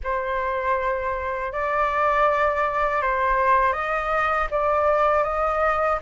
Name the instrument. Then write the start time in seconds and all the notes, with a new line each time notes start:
flute
0.03 C5
1.52 D5
3.01 C5
3.72 D#5
4.50 D5
5.23 D#5